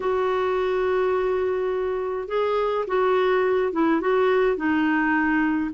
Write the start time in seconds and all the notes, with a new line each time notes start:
0.00 F#4
2.28 G#4
2.87 F#4
3.72 E4
4.01 F#4
4.56 D#4